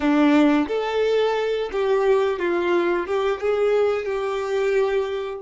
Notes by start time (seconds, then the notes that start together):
0.00 D4
0.67 A4
1.72 G4
2.39 F4
3.07 G4
3.40 G#4
4.05 G4